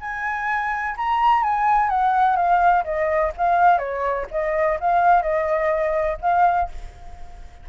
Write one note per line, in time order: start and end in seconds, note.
0.00 0.95 G#5
0.97 1.43 A#5
1.43 1.89 G#5
1.89 2.36 F#5
2.36 2.84 F5
2.84 3.32 D#5
3.37 3.78 F5
3.78 4.26 C#5
4.31 4.79 D#5
4.80 5.22 F5
5.22 6.18 D#5
6.21 6.69 F5